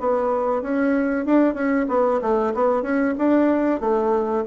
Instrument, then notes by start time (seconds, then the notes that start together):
bassoon
0.00 B3
0.62 C#4
1.25 D4
1.54 C#4
1.89 B3
2.21 A3
2.54 B3
2.83 C#4
3.18 D4
3.80 A3